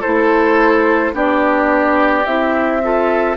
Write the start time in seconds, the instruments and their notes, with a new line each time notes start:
0.00 clarinet E4, oboe A4, flute C5
0.06 bassoon A3
1.12 bassoon B3, clarinet D4, oboe G4, flute D5
2.25 bassoon C4, clarinet E4, flute E5
2.82 clarinet F4, oboe A4